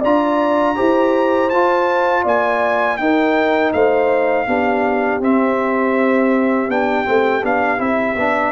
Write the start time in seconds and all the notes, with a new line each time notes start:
0.00 D4 F4 D5 A#5
0.75 E4 G4 C5
1.49 F4 A5
2.23 A#3 D5 G#5
2.97 D#4 A#4 G5
3.72 A3 C5 F5
4.46 B3 D4 G4
5.20 C4 E5
6.68 B3 D4 G5
7.04 A3 C4
7.42 B3 D4 F5
7.77 C4 E4 E5
8.15 B3 D4